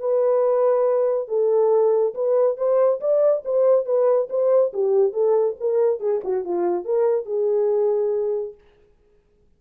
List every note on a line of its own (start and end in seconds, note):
0.00 1.29 B4
1.29 2.14 A4
2.15 2.58 B4
2.58 3.00 C5
3.01 3.44 D5
3.45 3.86 C5
3.86 4.29 B4
4.30 4.73 C5
4.74 5.13 G4
5.13 5.56 A4
5.61 6.00 A#4
6.00 6.22 G#4
6.24 6.45 F#4
6.45 6.85 F4
6.85 7.26 A#4
7.26 8.55 G#4